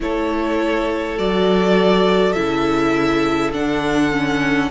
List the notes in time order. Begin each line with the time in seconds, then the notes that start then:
0.00 A3 E4 A4 C#5
1.17 F#3 F#4 D5
2.33 C#3 E4 E5
3.52 D3 D4 F#5
4.11 C#4